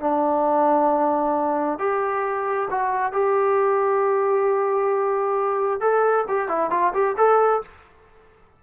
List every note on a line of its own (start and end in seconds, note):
0.00 1.79 D4
1.79 2.68 G4
2.70 3.13 F#4
3.13 5.81 G4
5.81 6.25 A4
6.28 6.48 G4
6.48 6.71 E4
6.71 6.93 F4
6.94 7.16 G4
7.17 7.62 A4